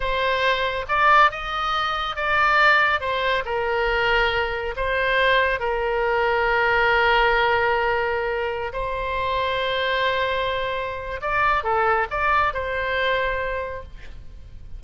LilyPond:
\new Staff \with { instrumentName = "oboe" } { \time 4/4 \tempo 4 = 139 c''2 d''4 dis''4~ | dis''4 d''2 c''4 | ais'2. c''4~ | c''4 ais'2.~ |
ais'1~ | ais'16 c''2.~ c''8.~ | c''2 d''4 a'4 | d''4 c''2. | }